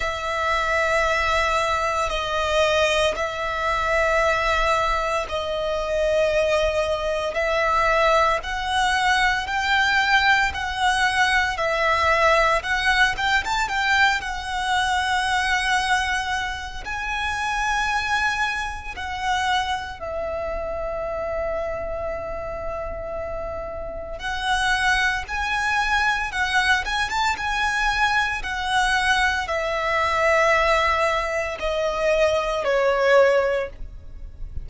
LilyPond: \new Staff \with { instrumentName = "violin" } { \time 4/4 \tempo 4 = 57 e''2 dis''4 e''4~ | e''4 dis''2 e''4 | fis''4 g''4 fis''4 e''4 | fis''8 g''16 a''16 g''8 fis''2~ fis''8 |
gis''2 fis''4 e''4~ | e''2. fis''4 | gis''4 fis''8 gis''16 a''16 gis''4 fis''4 | e''2 dis''4 cis''4 | }